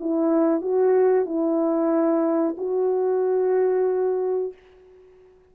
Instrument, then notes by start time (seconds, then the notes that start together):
horn
0.00 E4
0.61 F#4
1.25 E4
2.57 F#4